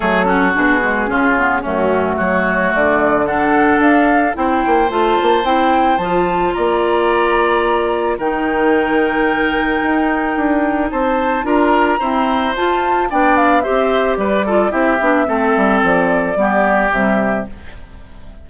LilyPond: <<
  \new Staff \with { instrumentName = "flute" } { \time 4/4 \tempo 4 = 110 a'4 gis'2 fis'4 | cis''4 d''4 fis''4 f''4 | g''4 a''4 g''4 a''4 | ais''2. g''4~ |
g''1 | a''4 ais''2 a''4 | g''8 f''8 e''4 d''4 e''4~ | e''4 d''2 e''4 | }
  \new Staff \with { instrumentName = "oboe" } { \time 4/4 gis'8 fis'4. f'4 cis'4 | fis'2 a'2 | c''1 | d''2. ais'4~ |
ais'1 | c''4 ais'4 c''2 | d''4 c''4 b'8 a'8 g'4 | a'2 g'2 | }
  \new Staff \with { instrumentName = "clarinet" } { \time 4/4 a8 cis'8 d'8 gis8 cis'8 b8 a4~ | a2 d'2 | e'4 f'4 e'4 f'4~ | f'2. dis'4~ |
dis'1~ | dis'4 f'4 c'4 f'4 | d'4 g'4. f'8 e'8 d'8 | c'2 b4 g4 | }
  \new Staff \with { instrumentName = "bassoon" } { \time 4/4 fis4 b,4 cis4 fis,4 | fis4 d2 d'4 | c'8 ais8 a8 ais8 c'4 f4 | ais2. dis4~ |
dis2 dis'4 d'4 | c'4 d'4 e'4 f'4 | b4 c'4 g4 c'8 b8 | a8 g8 f4 g4 c4 | }
>>